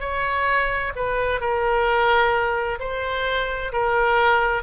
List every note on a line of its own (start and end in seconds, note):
0.00 0.92 C#5
0.96 1.40 B4
1.40 2.79 A#4
2.79 3.72 C5
3.72 4.63 A#4